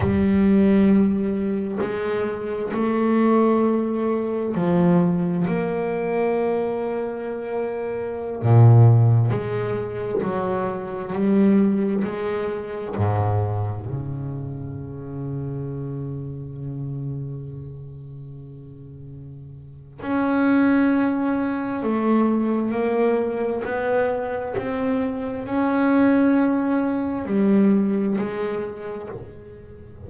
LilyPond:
\new Staff \with { instrumentName = "double bass" } { \time 4/4 \tempo 4 = 66 g2 gis4 a4~ | a4 f4 ais2~ | ais4~ ais16 ais,4 gis4 fis8.~ | fis16 g4 gis4 gis,4 cis8.~ |
cis1~ | cis2 cis'2 | a4 ais4 b4 c'4 | cis'2 g4 gis4 | }